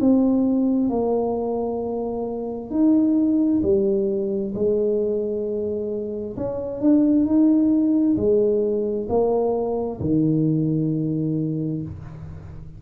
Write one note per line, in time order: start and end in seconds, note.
0.00 0.89 C4
0.89 2.70 A#3
2.70 3.61 D#4
3.62 4.53 G3
4.54 6.36 G#3
6.36 6.80 C#4
6.80 7.25 D4
7.25 8.16 D#4
8.17 9.07 G#3
9.09 10.00 A#3
10.00 11.82 D#3